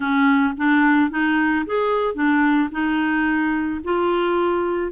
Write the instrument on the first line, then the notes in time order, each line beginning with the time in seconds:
clarinet
0.00 C#4
0.57 D4
1.10 D#4
1.66 G#4
2.14 D4
2.71 D#4
3.84 F4